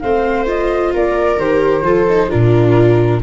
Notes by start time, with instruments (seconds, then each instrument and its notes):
0.00 tuba A3, viola C4 C5, flute F5
0.47 viola F4, flute D#5
0.94 tuba A#3, viola A#4, flute D5
1.37 tuba D#3, viola G4, flute C5
1.82 tuba F3, viola F4 A4
2.08 viola D#4
2.29 tuba A#2, viola D4 F4, flute A#4